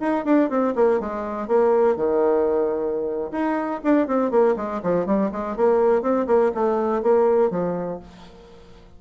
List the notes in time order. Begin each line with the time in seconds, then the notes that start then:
0.00 D#4
0.25 D4
0.49 C4
0.75 A#3
1.00 G#3
1.47 A#3
1.96 D#3
3.31 D#4
3.83 D4
4.07 C4
4.31 A#3
4.56 G#3
4.83 F3
5.06 G3
5.32 G#3
5.56 A#3
6.02 C4
6.27 A#3
6.54 A3
7.02 A#3
7.50 F3